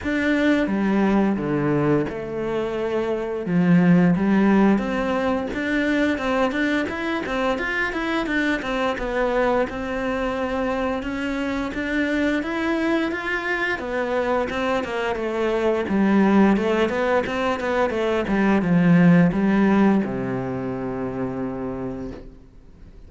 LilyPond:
\new Staff \with { instrumentName = "cello" } { \time 4/4 \tempo 4 = 87 d'4 g4 d4 a4~ | a4 f4 g4 c'4 | d'4 c'8 d'8 e'8 c'8 f'8 e'8 | d'8 c'8 b4 c'2 |
cis'4 d'4 e'4 f'4 | b4 c'8 ais8 a4 g4 | a8 b8 c'8 b8 a8 g8 f4 | g4 c2. | }